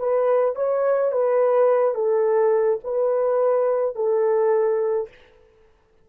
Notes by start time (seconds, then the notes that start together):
0.00 B4
0.56 C#5
1.12 B4
1.95 A4
2.84 B4
3.96 A4